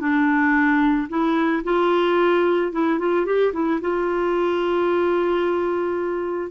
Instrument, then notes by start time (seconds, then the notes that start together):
clarinet
0.00 D4
1.09 E4
1.64 F4
2.72 E4
2.99 F4
3.26 G4
3.53 E4
3.81 F4